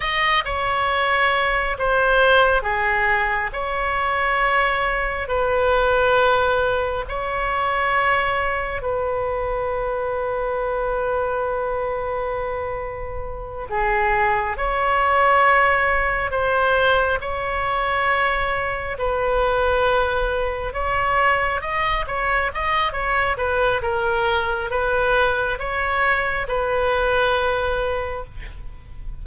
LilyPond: \new Staff \with { instrumentName = "oboe" } { \time 4/4 \tempo 4 = 68 dis''8 cis''4. c''4 gis'4 | cis''2 b'2 | cis''2 b'2~ | b'2.~ b'8 gis'8~ |
gis'8 cis''2 c''4 cis''8~ | cis''4. b'2 cis''8~ | cis''8 dis''8 cis''8 dis''8 cis''8 b'8 ais'4 | b'4 cis''4 b'2 | }